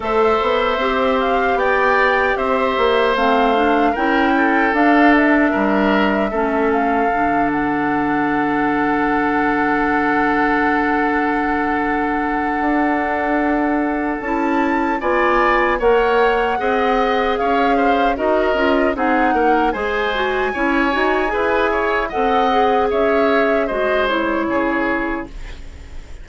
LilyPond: <<
  \new Staff \with { instrumentName = "flute" } { \time 4/4 \tempo 4 = 76 e''4. f''8 g''4 e''4 | f''4 g''4 f''8 e''4.~ | e''8 f''4 fis''2~ fis''8~ | fis''1~ |
fis''2 a''4 gis''4 | fis''2 f''4 dis''4 | fis''4 gis''2. | fis''4 e''4 dis''8 cis''4. | }
  \new Staff \with { instrumentName = "oboe" } { \time 4/4 c''2 d''4 c''4~ | c''4 ais'8 a'4. ais'4 | a'1~ | a'1~ |
a'2. d''4 | cis''4 dis''4 cis''8 c''8 ais'4 | gis'8 ais'8 c''4 cis''4 b'8 cis''8 | dis''4 cis''4 c''4 gis'4 | }
  \new Staff \with { instrumentName = "clarinet" } { \time 4/4 a'4 g'2. | c'8 d'8 e'4 d'2 | cis'4 d'2.~ | d'1~ |
d'2 e'4 f'4 | ais'4 gis'2 fis'8 f'8 | dis'4 gis'8 fis'8 e'8 fis'8 gis'4 | a'8 gis'4. fis'8 e'4. | }
  \new Staff \with { instrumentName = "bassoon" } { \time 4/4 a8 b8 c'4 b4 c'8 ais8 | a4 cis'4 d'4 g4 | a4 d2.~ | d1 |
d'2 cis'4 b4 | ais4 c'4 cis'4 dis'8 cis'8 | c'8 ais8 gis4 cis'8 dis'8 e'4 | c'4 cis'4 gis4 cis4 | }
>>